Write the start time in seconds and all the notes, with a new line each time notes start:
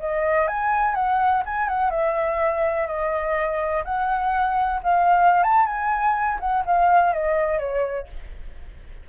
0.00 D#5
0.48 G#5
0.95 F#5
1.46 G#5
1.69 F#5
1.91 E5
2.87 D#5
3.85 F#5
4.84 F5
5.43 A5
5.66 G#5
6.40 F#5
6.66 F5
7.13 D#5
7.59 C#5